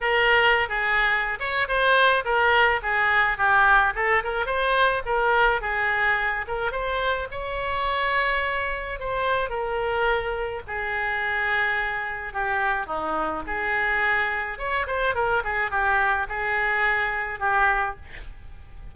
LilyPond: \new Staff \with { instrumentName = "oboe" } { \time 4/4 \tempo 4 = 107 ais'4~ ais'16 gis'4~ gis'16 cis''8 c''4 | ais'4 gis'4 g'4 a'8 ais'8 | c''4 ais'4 gis'4. ais'8 | c''4 cis''2. |
c''4 ais'2 gis'4~ | gis'2 g'4 dis'4 | gis'2 cis''8 c''8 ais'8 gis'8 | g'4 gis'2 g'4 | }